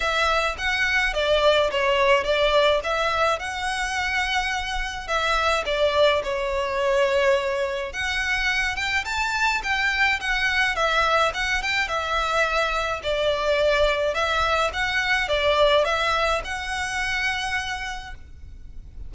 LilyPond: \new Staff \with { instrumentName = "violin" } { \time 4/4 \tempo 4 = 106 e''4 fis''4 d''4 cis''4 | d''4 e''4 fis''2~ | fis''4 e''4 d''4 cis''4~ | cis''2 fis''4. g''8 |
a''4 g''4 fis''4 e''4 | fis''8 g''8 e''2 d''4~ | d''4 e''4 fis''4 d''4 | e''4 fis''2. | }